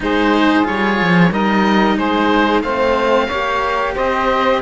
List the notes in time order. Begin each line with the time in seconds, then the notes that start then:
0.00 G#3 D#4 G#4 C5
0.63 G3 F4 C#5
1.01 F3
1.31 G3 D#4 A#4 D#5
1.96 G#3 G#4 C5
2.62 A3 C4 C5 F5
3.27 A#3 G4 C#5
3.94 C4 C5 D#5